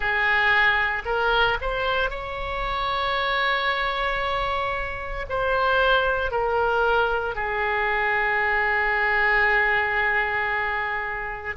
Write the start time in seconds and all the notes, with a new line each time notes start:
0.00 G#4
1.05 A#4
1.61 C5
2.10 C#5
5.29 C5
6.31 A#4
7.34 G#4